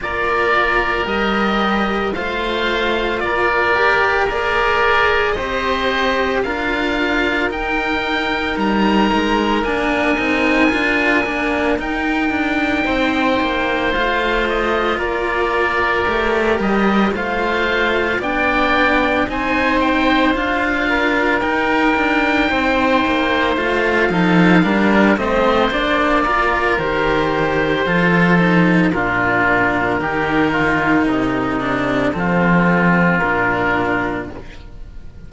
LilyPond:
<<
  \new Staff \with { instrumentName = "oboe" } { \time 4/4 \tempo 4 = 56 d''4 dis''4 f''4 d''4 | ais'4 dis''4 f''4 g''4 | ais''4 gis''2 g''4~ | g''4 f''8 dis''8 d''4. dis''8 |
f''4 g''4 gis''8 g''8 f''4 | g''2 f''4. dis''8 | d''4 c''2 ais'4~ | ais'2 a'4 ais'4 | }
  \new Staff \with { instrumentName = "oboe" } { \time 4/4 ais'2 c''4 ais'4 | d''4 c''4 ais'2~ | ais'1 | c''2 ais'2 |
c''4 d''4 c''4. ais'8~ | ais'4 c''4. a'8 ais'8 c''8~ | c''8 ais'4. a'4 f'4 | g'8 f'8 dis'4 f'2 | }
  \new Staff \with { instrumentName = "cello" } { \time 4/4 f'4 g'4 f'4. g'8 | gis'4 g'4 f'4 dis'4~ | dis'4 d'8 dis'8 f'8 d'8 dis'4~ | dis'4 f'2 g'4 |
f'4 d'4 dis'4 f'4 | dis'2 f'8 dis'8 d'8 c'8 | d'8 f'8 g'4 f'8 dis'8 d'4 | dis'4. d'8 c'4 d'4 | }
  \new Staff \with { instrumentName = "cello" } { \time 4/4 ais4 g4 a4 ais4~ | ais4 c'4 d'4 dis'4 | g8 gis8 ais8 c'8 d'8 ais8 dis'8 d'8 | c'8 ais8 a4 ais4 a8 g8 |
a4 b4 c'4 d'4 | dis'8 d'8 c'8 ais8 a8 f8 g8 a8 | ais4 dis4 f4 ais,4 | dis4 c4 f4 ais,4 | }
>>